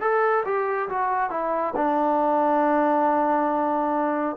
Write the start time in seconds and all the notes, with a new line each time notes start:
0.00 A4
0.45 G4
0.89 F#4
1.30 E4
1.75 D4